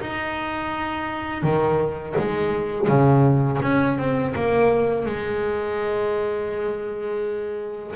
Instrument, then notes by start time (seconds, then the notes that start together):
double bass
0.00 D#4
1.42 D#3
2.18 G#3
2.87 C#3
3.61 C#4
3.98 C4
4.35 A#3
5.05 G#3